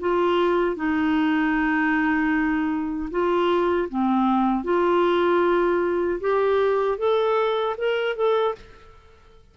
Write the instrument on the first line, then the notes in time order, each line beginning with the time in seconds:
clarinet
0.00 F4
0.76 D#4
3.10 F4
3.89 C4
4.64 F4
6.20 G4
6.98 A4
7.77 A#4
8.16 A4